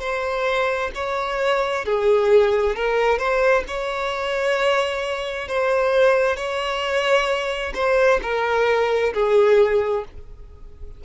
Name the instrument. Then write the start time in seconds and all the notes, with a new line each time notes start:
violin
0.00 C5
0.95 C#5
1.86 G#4
2.76 A#4
3.19 C5
3.68 C#5
5.48 C5
6.37 C#5
7.75 C5
8.22 A#4
9.14 G#4